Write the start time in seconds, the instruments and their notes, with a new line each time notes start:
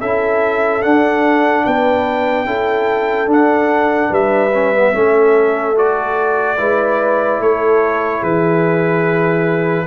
0.00 tuba C#4, trombone E4, horn A4, trumpet E5
0.82 trombone D4, tuba D4, trumpet F#5
1.64 tuba B3, horn B4, trumpet G5
2.45 tuba C#4, trombone E4, horn A4
3.26 tuba D4, trombone D4, trumpet F#5
4.09 tuba G3, horn B4, trumpet E5
4.53 trombone C#4
4.74 trombone B3
4.93 tuba A3, trombone C#4, horn A4
5.76 trombone F#4, trumpet D5
6.57 tuba G#3, trombone E4, horn B4
7.39 tuba A3, horn A4, trumpet C#5
8.20 tuba E3, horn G#4, trumpet B4